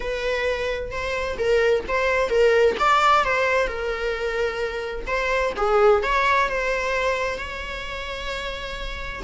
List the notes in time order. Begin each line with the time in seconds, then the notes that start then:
0.00 B4
0.91 C5
1.38 A#4
1.87 C5
2.29 A#4
2.79 D5
3.24 C5
3.67 A#4
5.06 C5
5.56 G#4
6.02 C#5
6.48 C5
7.37 C#5